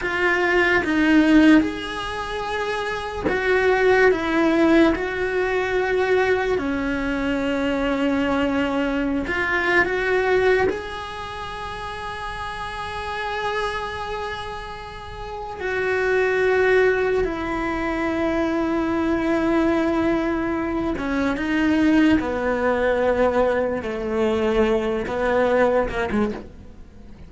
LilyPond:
\new Staff \with { instrumentName = "cello" } { \time 4/4 \tempo 4 = 73 f'4 dis'4 gis'2 | fis'4 e'4 fis'2 | cis'2.~ cis'16 f'8. | fis'4 gis'2.~ |
gis'2. fis'4~ | fis'4 e'2.~ | e'4. cis'8 dis'4 b4~ | b4 a4. b4 ais16 gis16 | }